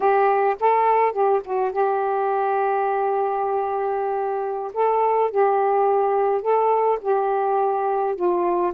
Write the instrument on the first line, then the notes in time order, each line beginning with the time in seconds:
saxophone
0.00 G4
0.59 A4
1.12 G4
1.44 F#4
1.72 G4
4.73 A4
5.30 G4
6.41 A4
7.01 G4
8.15 F4